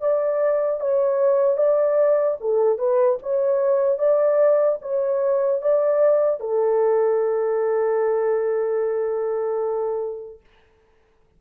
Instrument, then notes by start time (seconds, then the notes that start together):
horn
0.00 D5
0.80 C#5
1.57 D5
2.40 A4
2.78 B4
3.22 C#5
3.98 D5
4.81 C#5
5.61 D5
6.40 A4